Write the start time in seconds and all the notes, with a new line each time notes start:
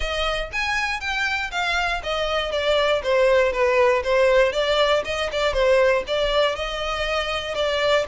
0.00 D#5
0.52 G#5
1.00 G5
1.51 F5
2.03 D#5
2.51 D5
3.03 C5
3.52 B4
4.03 C5
4.52 D5
5.04 D#5
5.31 D5
5.53 C5
6.07 D5
6.55 D#5
7.54 D5